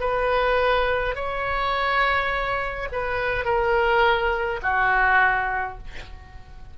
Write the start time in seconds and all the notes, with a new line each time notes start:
0.00 B4
1.15 C#5
2.92 B4
3.45 A#4
4.63 F#4